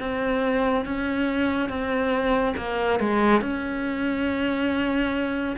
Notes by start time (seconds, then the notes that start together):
0.00 C4
0.86 C#4
1.70 C4
2.57 A#3
3.00 G#3
3.42 C#4